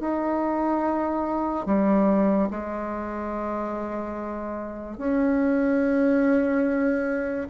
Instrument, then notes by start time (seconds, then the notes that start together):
bassoon
0.00 D#4
1.66 G3
2.50 G#3
4.97 C#4